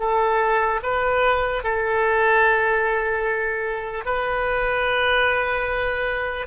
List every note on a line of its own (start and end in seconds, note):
0.00 0.81 A4
0.83 1.64 B4
1.64 4.05 A4
4.05 6.47 B4